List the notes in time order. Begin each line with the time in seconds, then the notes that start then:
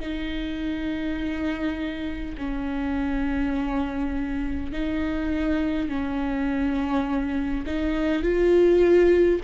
0.00 D#4
2.38 C#4
4.72 D#4
5.89 C#4
7.66 D#4
8.22 F4